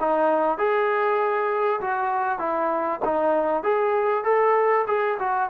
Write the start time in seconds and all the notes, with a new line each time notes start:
0.00 D#4
0.58 G#4
1.81 F#4
2.38 E4
3.05 D#4
3.63 G#4
4.24 A4
4.87 G#4
5.19 F#4